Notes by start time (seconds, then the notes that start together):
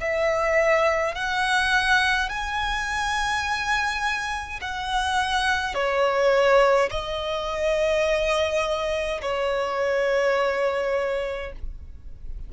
0.00 E5
1.14 F#5
2.29 G#5
4.60 F#5
5.74 C#5
6.90 D#5
9.22 C#5